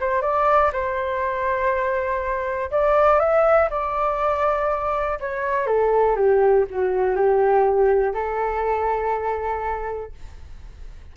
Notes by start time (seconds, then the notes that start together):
0.00 C5
0.22 D5
0.72 C5
2.71 D5
3.19 E5
3.70 D5
5.20 C#5
5.66 A4
6.16 G4
6.70 F#4
7.15 G4
8.14 A4